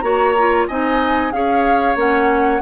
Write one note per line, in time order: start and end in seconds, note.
0.00 0.67 A#3
0.00 0.34 F#4
0.00 0.68 C#5
0.00 0.65 A#5
0.38 0.70 F4
0.68 1.33 C4
0.68 1.32 D#4
0.68 1.32 D#5
0.68 1.32 G#5
1.32 1.95 C#4
1.32 1.96 G#4
1.32 2.61 C#5
1.32 1.96 F5
1.95 2.60 A#3
1.95 2.60 C#4
1.95 2.61 F#5